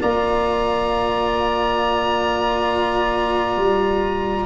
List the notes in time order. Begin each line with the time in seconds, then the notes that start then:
0.00 A#3 F4 D5 A#5
3.57 G3